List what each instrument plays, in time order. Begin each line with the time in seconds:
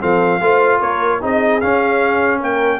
0.00 tuba F3, trombone C4, horn A4, trumpet F5
0.40 tuba A3, trombone F4, horn C5
0.79 tuba A#3, horn A#4, trumpet C#5
1.21 tuba C4, trombone D#4, horn G#4, trumpet D#5
1.60 trombone C#4, tuba C#4, trumpet F5
2.39 tuba A#3, horn A#4, trumpet G5